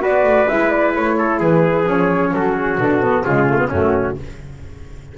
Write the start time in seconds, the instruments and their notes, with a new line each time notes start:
0.00 double bass B3, saxophone F#4, trumpet B4, flute D5
0.24 double bass A3
0.48 double bass G#3, saxophone E4, flute E5
0.70 flute D5
0.95 double bass A3, flute C#5
1.18 trumpet A4
1.40 double bass E3, trumpet G#4, flute B4
1.85 double bass F3, saxophone C#4, flute C#5
2.33 double bass F#3, trumpet F#4, flute A4
2.56 flute G#4
2.78 double bass B2, saxophone D4, flute A4
3.03 saxophone B3
3.23 double bass C#3, saxophone G#3, trumpet F4, flute G#4
3.49 saxophone A3
3.58 saxophone B3
3.69 double bass F#2, saxophone A3, trumpet C#4, flute F#4